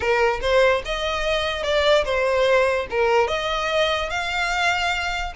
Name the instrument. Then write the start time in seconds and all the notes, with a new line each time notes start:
violin
0.00 A#4
0.41 C5
0.85 D#5
1.63 D5
2.04 C5
2.90 A#4
3.27 D#5
4.09 F5